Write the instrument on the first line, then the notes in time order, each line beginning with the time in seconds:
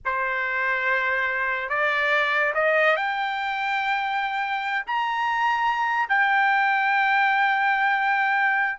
trumpet
0.05 C5
1.69 D5
2.54 D#5
2.96 G5
4.86 A#5
6.08 G5